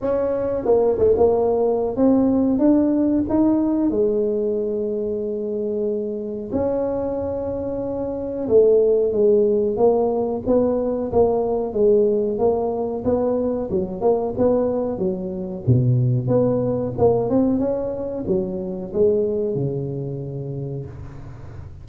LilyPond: \new Staff \with { instrumentName = "tuba" } { \time 4/4 \tempo 4 = 92 cis'4 ais8 a16 ais4~ ais16 c'4 | d'4 dis'4 gis2~ | gis2 cis'2~ | cis'4 a4 gis4 ais4 |
b4 ais4 gis4 ais4 | b4 fis8 ais8 b4 fis4 | b,4 b4 ais8 c'8 cis'4 | fis4 gis4 cis2 | }